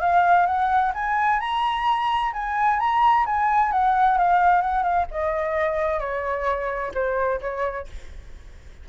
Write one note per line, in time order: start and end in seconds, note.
0.00 0.46 F5
0.46 0.92 F#5
0.94 1.40 G#5
1.40 2.32 A#5
2.33 2.79 G#5
2.79 3.25 A#5
3.26 3.71 G#5
3.71 4.17 F#5
4.17 4.61 F5
4.61 4.83 F#5
4.83 5.06 F5
5.11 5.99 D#5
5.99 6.92 C#5
6.94 7.40 C5
7.41 7.87 C#5